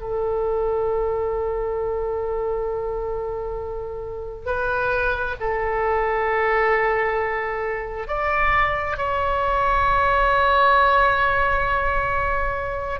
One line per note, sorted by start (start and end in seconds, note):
0.00 4.46 A4
4.46 5.35 B4
5.40 8.07 A4
8.07 8.97 D5
8.97 13.00 C#5